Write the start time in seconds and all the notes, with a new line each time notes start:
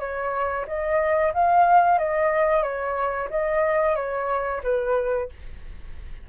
0.00 C#5
0.67 D#5
1.34 F5
1.99 D#5
2.63 C#5
3.30 D#5
3.96 C#5
4.64 B4